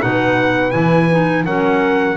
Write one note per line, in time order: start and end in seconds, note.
0.00 0.74 B2
0.00 0.71 D#4
0.00 1.45 B4
0.00 0.71 F#5
0.71 1.45 E3
0.71 1.07 E4
0.71 1.43 G#5
1.10 1.46 D#4
1.45 2.17 F#3
1.45 2.17 C#4
1.45 2.17 A#4
1.45 2.17 F#5